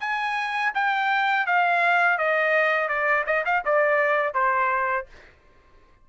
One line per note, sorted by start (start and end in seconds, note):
0.00 0.72 G#5
0.74 1.47 G5
1.47 2.18 F5
2.18 2.88 D#5
2.88 3.25 D5
3.27 3.45 D#5
3.45 3.63 F5
3.65 4.34 D5
4.34 5.06 C5